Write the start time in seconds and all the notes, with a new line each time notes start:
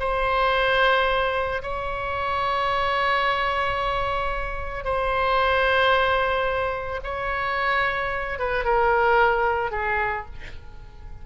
0.00 C5
1.63 C#5
4.85 C5
7.04 C#5
8.39 B4
8.65 A#4
9.72 G#4